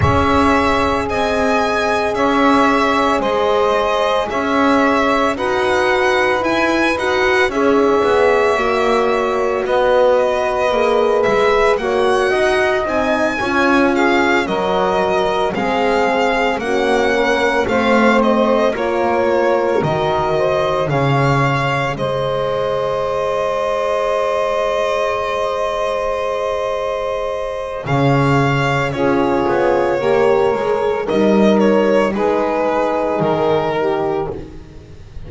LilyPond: <<
  \new Staff \with { instrumentName = "violin" } { \time 4/4 \tempo 4 = 56 e''4 gis''4 e''4 dis''4 | e''4 fis''4 gis''8 fis''8 e''4~ | e''4 dis''4. e''8 fis''4 | gis''4 f''8 dis''4 f''4 fis''8~ |
fis''8 f''8 dis''8 cis''4 dis''4 f''8~ | f''8 dis''2.~ dis''8~ | dis''2 f''4 cis''4~ | cis''4 dis''8 cis''8 b'4 ais'4 | }
  \new Staff \with { instrumentName = "saxophone" } { \time 4/4 cis''4 dis''4 cis''4 c''4 | cis''4 b'2 cis''4~ | cis''4 b'2 cis''8 dis''8~ | dis''8 cis''8 gis'8 ais'4 gis'4 fis'8 |
ais'8 c''4 ais'4. c''8 cis''8~ | cis''8 c''2.~ c''8~ | c''2 cis''4 gis'4 | ais'4 dis'4 gis'4. g'8 | }
  \new Staff \with { instrumentName = "horn" } { \time 4/4 gis'1~ | gis'4 fis'4 e'8 fis'8 gis'4 | fis'2 gis'4 fis'4 | dis'8 f'4 fis'4 c'4 cis'8~ |
cis'8 c'4 f'4 fis'4 gis'8~ | gis'1~ | gis'2. f'4 | g'8 gis'8 ais'4 dis'2 | }
  \new Staff \with { instrumentName = "double bass" } { \time 4/4 cis'4 c'4 cis'4 gis4 | cis'4 dis'4 e'8 dis'8 cis'8 b8 | ais4 b4 ais8 gis8 ais8 dis'8 | c'8 cis'4 fis4 gis4 ais8~ |
ais8 a4 ais4 dis4 cis8~ | cis8 gis2.~ gis8~ | gis2 cis4 cis'8 b8 | ais8 gis8 g4 gis4 dis4 | }
>>